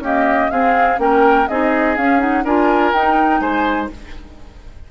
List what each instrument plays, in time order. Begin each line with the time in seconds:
0.00 clarinet A#3, bassoon C#4, oboe G4, flute D#5
0.51 bassoon C4, clarinet C4, oboe G#4, flute F5
0.98 bassoon A#3, clarinet C#4, oboe A#4, flute G5
1.48 bassoon C4, clarinet D#4, oboe G#4, flute D#5
1.97 clarinet C#4, bassoon C#4, flute F5
2.19 clarinet D#4, flute F#5
2.44 bassoon D4, clarinet F4, oboe A#4, flute G#5
2.93 bassoon D#4, clarinet D#4, flute G5
3.41 bassoon G#3, oboe C5, flute G#5